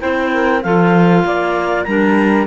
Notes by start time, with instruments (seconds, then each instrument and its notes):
0.00 cello C4, clarinet E4 G5, saxophone C5
0.34 saxophone A#4
0.63 cello F3, clarinet F4 F5, saxophone A4
1.25 cello A#3, saxophone D5
1.85 cello G3, clarinet D4 A#5, saxophone A#4